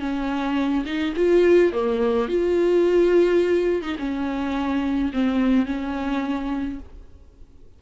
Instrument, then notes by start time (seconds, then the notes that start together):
viola
0.00 C#4
0.86 D#4
1.16 F4
1.73 A#3
2.28 F4
3.82 D#4
3.99 C#4
5.13 C4
5.66 C#4